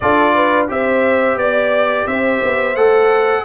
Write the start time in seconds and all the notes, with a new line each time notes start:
0.00 D4 F4 A4 D5
0.34 B4
0.68 C4 G4 C5 E5
1.36 B3 D5
2.05 C4 C5 E5
2.43 B3
2.76 A3 A4 F#5